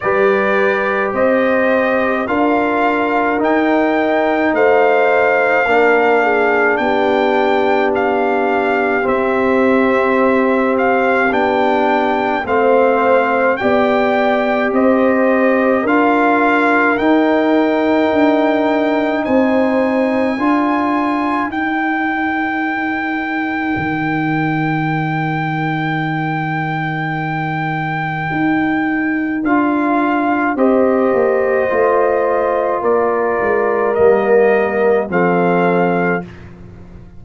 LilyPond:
<<
  \new Staff \with { instrumentName = "trumpet" } { \time 4/4 \tempo 4 = 53 d''4 dis''4 f''4 g''4 | f''2 g''4 f''4 | e''4. f''8 g''4 f''4 | g''4 dis''4 f''4 g''4~ |
g''4 gis''2 g''4~ | g''1~ | g''2 f''4 dis''4~ | dis''4 d''4 dis''4 f''4 | }
  \new Staff \with { instrumentName = "horn" } { \time 4/4 b'4 c''4 ais'2 | c''4 ais'8 gis'8 g'2~ | g'2. c''4 | d''4 c''4 ais'2~ |
ais'4 c''4 ais'2~ | ais'1~ | ais'2. c''4~ | c''4 ais'2 a'4 | }
  \new Staff \with { instrumentName = "trombone" } { \time 4/4 g'2 f'4 dis'4~ | dis'4 d'2. | c'2 d'4 c'4 | g'2 f'4 dis'4~ |
dis'2 f'4 dis'4~ | dis'1~ | dis'2 f'4 g'4 | f'2 ais4 c'4 | }
  \new Staff \with { instrumentName = "tuba" } { \time 4/4 g4 c'4 d'4 dis'4 | a4 ais4 b2 | c'2 b4 a4 | b4 c'4 d'4 dis'4 |
d'4 c'4 d'4 dis'4~ | dis'4 dis2.~ | dis4 dis'4 d'4 c'8 ais8 | a4 ais8 gis8 g4 f4 | }
>>